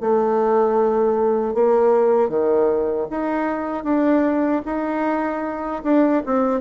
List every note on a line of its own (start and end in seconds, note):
0.00 1.54 A3
1.54 2.29 A#3
2.29 3.07 D#3
3.10 3.84 D#4
3.84 4.62 D4
4.65 5.82 D#4
5.83 6.22 D4
6.26 6.61 C4